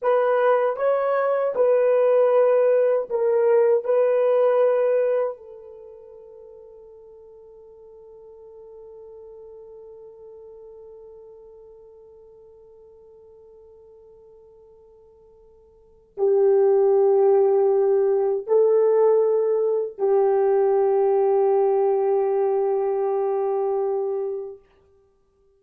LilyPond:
\new Staff \with { instrumentName = "horn" } { \time 4/4 \tempo 4 = 78 b'4 cis''4 b'2 | ais'4 b'2 a'4~ | a'1~ | a'1~ |
a'1~ | a'4 g'2. | a'2 g'2~ | g'1 | }